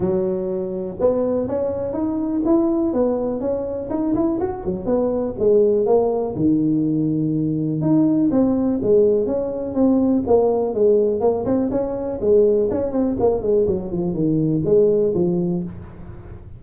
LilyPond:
\new Staff \with { instrumentName = "tuba" } { \time 4/4 \tempo 4 = 123 fis2 b4 cis'4 | dis'4 e'4 b4 cis'4 | dis'8 e'8 fis'8 fis8 b4 gis4 | ais4 dis2. |
dis'4 c'4 gis4 cis'4 | c'4 ais4 gis4 ais8 c'8 | cis'4 gis4 cis'8 c'8 ais8 gis8 | fis8 f8 dis4 gis4 f4 | }